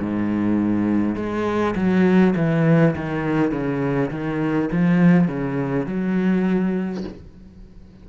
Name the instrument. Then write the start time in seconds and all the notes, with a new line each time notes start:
cello
0.00 G#2
1.16 G#3
1.75 F#3
2.36 E3
2.96 D#3
3.51 C#3
4.11 D#3
4.72 F3
5.28 C#3
5.87 F#3